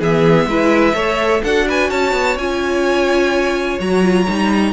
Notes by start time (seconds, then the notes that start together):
0.00 E3 B3 G#4 E5
0.45 G#3 E4 B4
0.94 A3 A4 C#5
1.42 D4 F#4 A4 F#5
1.67 B4 G#5
1.90 C#4 C#5 A5
2.12 B3
2.36 C#4 F4 G#5
3.79 F#3 F#4 A#5
4.02 F4
4.28 G3 D#4